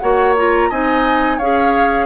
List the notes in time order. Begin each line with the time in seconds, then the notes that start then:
0.00 A#3 F#4 C#5 F#5
0.38 F4 A#5
0.70 C4 D#4 D#5 G#5
1.38 C#4 G#4 C#5 F5